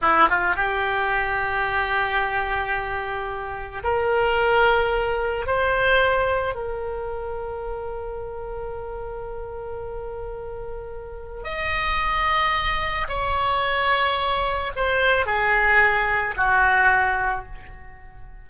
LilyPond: \new Staff \with { instrumentName = "oboe" } { \time 4/4 \tempo 4 = 110 e'8 f'8 g'2.~ | g'2. ais'4~ | ais'2 c''2 | ais'1~ |
ais'1~ | ais'4 dis''2. | cis''2. c''4 | gis'2 fis'2 | }